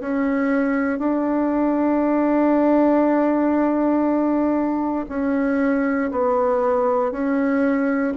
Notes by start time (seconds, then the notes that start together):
0.00 C#4
0.98 D4
5.08 C#4
6.11 B3
7.11 C#4